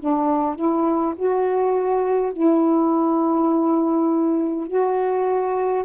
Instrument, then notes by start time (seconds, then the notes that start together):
saxophone
0.00 D4
0.56 E4
1.16 F#4
2.33 E4
4.67 F#4